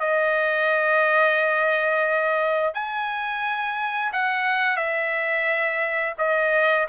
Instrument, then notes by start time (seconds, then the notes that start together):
trumpet
0.00 D#5
2.74 G#5
4.13 F#5
4.77 E5
6.18 D#5